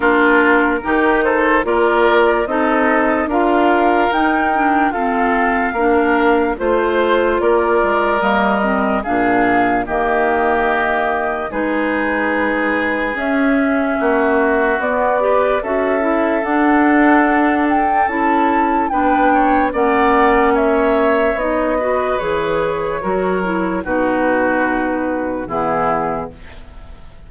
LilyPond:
<<
  \new Staff \with { instrumentName = "flute" } { \time 4/4 \tempo 4 = 73 ais'4. c''8 d''4 dis''4 | f''4 g''4 f''2 | c''4 d''4 dis''4 f''4 | dis''2 b'2 |
e''2 d''4 e''4 | fis''4. g''8 a''4 g''4 | fis''4 e''4 dis''4 cis''4~ | cis''4 b'2 gis'4 | }
  \new Staff \with { instrumentName = "oboe" } { \time 4/4 f'4 g'8 a'8 ais'4 a'4 | ais'2 a'4 ais'4 | c''4 ais'2 gis'4 | g'2 gis'2~ |
gis'4 fis'4. b'8 a'4~ | a'2. b'8 cis''8 | d''4 cis''4. b'4. | ais'4 fis'2 e'4 | }
  \new Staff \with { instrumentName = "clarinet" } { \time 4/4 d'4 dis'4 f'4 dis'4 | f'4 dis'8 d'8 c'4 d'4 | f'2 ais8 c'8 d'4 | ais2 dis'2 |
cis'2 b8 g'8 fis'8 e'8 | d'2 e'4 d'4 | cis'2 dis'8 fis'8 gis'4 | fis'8 e'8 dis'2 b4 | }
  \new Staff \with { instrumentName = "bassoon" } { \time 4/4 ais4 dis4 ais4 c'4 | d'4 dis'4 f'4 ais4 | a4 ais8 gis8 g4 ais,4 | dis2 gis2 |
cis'4 ais4 b4 cis'4 | d'2 cis'4 b4 | ais2 b4 e4 | fis4 b,2 e4 | }
>>